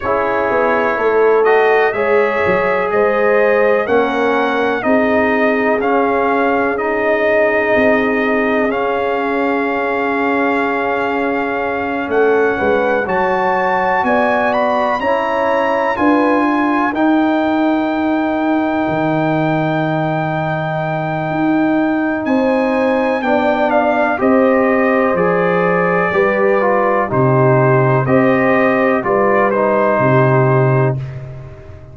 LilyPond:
<<
  \new Staff \with { instrumentName = "trumpet" } { \time 4/4 \tempo 4 = 62 cis''4. dis''8 e''4 dis''4 | fis''4 dis''4 f''4 dis''4~ | dis''4 f''2.~ | f''8 fis''4 a''4 gis''8 b''8 ais''8~ |
ais''8 gis''4 g''2~ g''8~ | g''2. gis''4 | g''8 f''8 dis''4 d''2 | c''4 dis''4 d''8 c''4. | }
  \new Staff \with { instrumentName = "horn" } { \time 4/4 gis'4 a'4 cis''4 c''4 | ais'4 gis'2.~ | gis'1~ | gis'8 a'8 b'8 cis''4 d''4 cis''8~ |
cis''8 b'8 ais'2.~ | ais'2. c''4 | d''4 c''2 b'4 | g'4 c''4 b'4 g'4 | }
  \new Staff \with { instrumentName = "trombone" } { \time 4/4 e'4. fis'8 gis'2 | cis'4 dis'4 cis'4 dis'4~ | dis'4 cis'2.~ | cis'4. fis'2 e'8~ |
e'8 f'4 dis'2~ dis'8~ | dis'1 | d'4 g'4 gis'4 g'8 f'8 | dis'4 g'4 f'8 dis'4. | }
  \new Staff \with { instrumentName = "tuba" } { \time 4/4 cis'8 b8 a4 gis8 fis8 gis4 | ais4 c'4 cis'2 | c'4 cis'2.~ | cis'8 a8 gis8 fis4 b4 cis'8~ |
cis'8 d'4 dis'2 dis8~ | dis2 dis'4 c'4 | b4 c'4 f4 g4 | c4 c'4 g4 c4 | }
>>